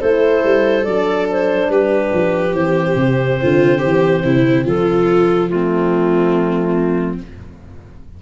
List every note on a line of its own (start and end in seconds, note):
0.00 0.44 A3
0.00 0.85 E4
0.00 1.69 A4
0.00 0.84 C5
0.44 0.85 G3
0.84 1.68 F#3
0.84 2.54 D4
0.84 1.26 D5
1.30 1.70 C5
1.68 2.11 G3
1.68 3.40 G4
1.68 2.54 B4
2.13 2.52 F3
2.52 2.94 E3
2.52 5.48 C4
2.52 4.65 C5
2.95 3.38 C3
3.41 3.83 D3
3.41 3.78 F4
3.78 4.24 E3
3.78 4.20 G4
4.24 4.65 C3
4.24 4.64 E4
4.64 7.19 F3
4.64 5.49 F4
4.64 5.48 A4
5.48 7.17 A3
5.48 7.21 C4
5.48 7.17 F4